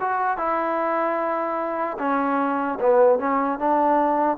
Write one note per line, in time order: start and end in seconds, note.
0.00 0.37 F#4
0.37 1.97 E4
1.99 2.79 C#4
2.80 3.19 B3
3.19 3.59 C#4
3.59 4.37 D4